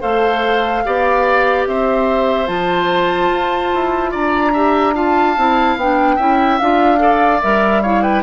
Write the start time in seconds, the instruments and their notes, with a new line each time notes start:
0.00 bassoon A3, clarinet A4, oboe C5, flute F5
0.85 bassoon B3, clarinet G4, oboe D5
1.66 bassoon C4, oboe C5, flute E5
2.47 bassoon F3, clarinet F4, flute A5
3.30 bassoon F4
3.74 bassoon E4
4.11 bassoon D4, oboe D5, flute A#5
4.53 clarinet G4, oboe E5
4.94 clarinet F4, oboe F5, flute A5
5.37 bassoon C4, clarinet E4
5.76 bassoon B3, clarinet D4, flute G5
6.16 bassoon C#4, clarinet E4, oboe E5
6.59 bassoon D4, clarinet F4, flute F5
6.98 clarinet A4, oboe D5
7.42 bassoon G3, clarinet A#4, flute E5
7.82 clarinet E4, oboe C#5, flute F5
8.03 oboe B4, flute G5